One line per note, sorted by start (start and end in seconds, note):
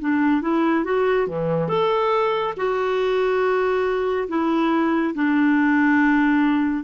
0.00 0.42 D4
0.42 0.85 E4
0.85 1.27 F#4
1.27 1.68 E3
1.68 2.54 A4
2.57 4.28 F#4
4.28 5.14 E4
5.14 6.84 D4